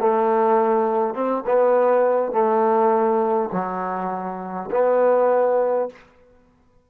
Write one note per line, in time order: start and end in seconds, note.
0.00 1.14 A3
1.14 1.44 C4
1.46 2.32 B3
2.32 3.50 A3
3.52 4.70 F#3
4.71 5.89 B3